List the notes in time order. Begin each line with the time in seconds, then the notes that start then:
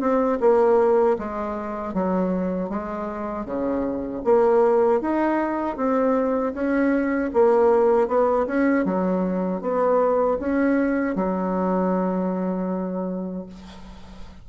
0.00 C4
0.40 A#3
1.19 G#3
1.94 F#3
2.69 G#3
3.45 C#3
4.24 A#3
5.01 D#4
5.76 C4
6.53 C#4
7.33 A#3
8.08 B3
8.47 C#4
8.85 F#3
9.61 B3
10.39 C#4
11.15 F#3